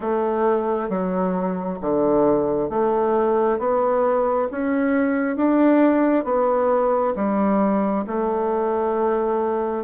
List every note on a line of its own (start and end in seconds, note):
0.00 0.89 A3
0.89 1.79 F#3
1.81 2.69 D3
2.69 3.59 A3
3.59 4.48 B3
4.51 5.36 C#4
5.36 6.24 D4
6.24 7.14 B3
7.15 8.05 G3
8.06 9.83 A3